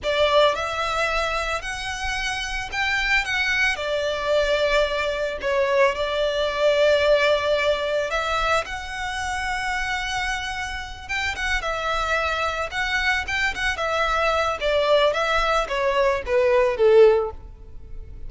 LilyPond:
\new Staff \with { instrumentName = "violin" } { \time 4/4 \tempo 4 = 111 d''4 e''2 fis''4~ | fis''4 g''4 fis''4 d''4~ | d''2 cis''4 d''4~ | d''2. e''4 |
fis''1~ | fis''8 g''8 fis''8 e''2 fis''8~ | fis''8 g''8 fis''8 e''4. d''4 | e''4 cis''4 b'4 a'4 | }